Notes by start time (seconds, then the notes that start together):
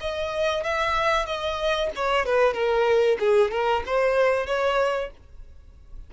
0.00 D#5
0.63 E5
1.26 D#5
1.95 C#5
2.25 B4
2.54 A#4
3.19 G#4
3.51 A#4
3.86 C5
4.46 C#5